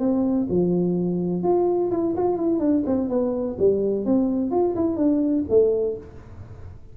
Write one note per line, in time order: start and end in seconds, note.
0.00 0.48 C4
0.50 1.43 F3
1.43 1.91 F4
1.91 2.15 E4
2.17 2.37 F4
2.37 2.60 E4
2.60 2.84 D4
2.87 3.10 C4
3.10 3.57 B3
3.59 4.06 G3
4.06 4.51 C4
4.51 4.75 F4
4.76 4.97 E4
4.97 5.45 D4
5.50 5.97 A3